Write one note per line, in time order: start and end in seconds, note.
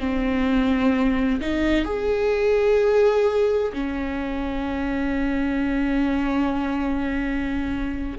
0.00 1.41 C4
1.41 1.85 D#4
1.85 3.73 G#4
3.73 8.19 C#4